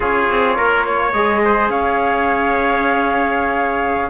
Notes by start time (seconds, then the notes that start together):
0.00 C#4 F4 G#4 C#5
0.29 C4
0.56 A#3 A#4
0.85 C#5
1.12 G#3 G#4 D#5
1.44 C5
1.69 C#4 C#5 F5